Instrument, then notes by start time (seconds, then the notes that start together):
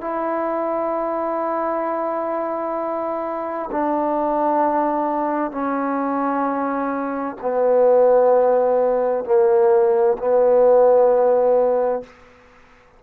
trombone
0.00 E4
3.71 D4
5.51 C#4
7.41 B3
9.24 A#3
10.18 B3